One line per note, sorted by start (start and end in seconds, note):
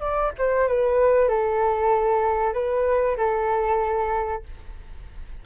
0.00 0.32 D5
0.38 0.68 C5
0.68 1.29 B4
1.29 2.53 A4
2.53 3.16 B4
3.17 4.43 A4